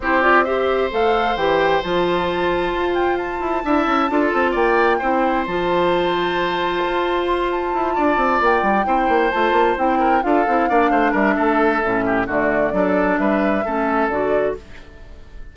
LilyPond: <<
  \new Staff \with { instrumentName = "flute" } { \time 4/4 \tempo 4 = 132 c''8 d''8 e''4 f''4 g''4 | a''2~ a''8 g''8 a''4~ | a''2 g''2 | a''1 |
c'''8 a''2 g''4.~ | g''8 a''4 g''4 f''4.~ | f''8 e''2~ e''8 d''4~ | d''4 e''2 d''4 | }
  \new Staff \with { instrumentName = "oboe" } { \time 4/4 g'4 c''2.~ | c''1 | e''4 a'4 d''4 c''4~ | c''1~ |
c''4. d''2 c''8~ | c''2 ais'8 a'4 d''8 | c''8 ais'8 a'4. g'8 fis'4 | a'4 b'4 a'2 | }
  \new Staff \with { instrumentName = "clarinet" } { \time 4/4 e'8 f'8 g'4 a'4 g'4 | f'1 | e'4 f'2 e'4 | f'1~ |
f'2.~ f'8 e'8~ | e'8 f'4 e'4 f'8 e'8 d'8~ | d'2 cis'4 a4 | d'2 cis'4 fis'4 | }
  \new Staff \with { instrumentName = "bassoon" } { \time 4/4 c'2 a4 e4 | f2 f'4. e'8 | d'8 cis'8 d'8 c'8 ais4 c'4 | f2. f'4~ |
f'4 e'8 d'8 c'8 ais8 g8 c'8 | ais8 a8 ais8 c'4 d'8 c'8 ais8 | a8 g8 a4 a,4 d4 | fis4 g4 a4 d4 | }
>>